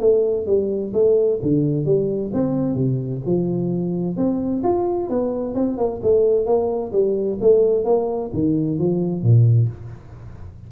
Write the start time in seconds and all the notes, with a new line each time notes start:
0.00 A3
0.47 G3
0.94 A3
1.42 D3
1.85 G3
2.34 C4
2.75 C3
3.26 F3
4.17 C4
4.63 F4
5.09 B3
5.55 C4
5.78 A#3
6.03 A3
6.46 A#3
6.93 G3
7.41 A3
7.85 A#3
8.33 D#3
8.79 F3
9.23 A#2